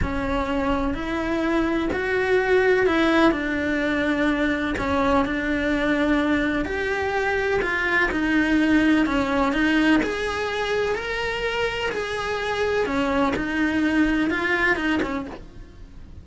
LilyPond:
\new Staff \with { instrumentName = "cello" } { \time 4/4 \tempo 4 = 126 cis'2 e'2 | fis'2 e'4 d'4~ | d'2 cis'4 d'4~ | d'2 g'2 |
f'4 dis'2 cis'4 | dis'4 gis'2 ais'4~ | ais'4 gis'2 cis'4 | dis'2 f'4 dis'8 cis'8 | }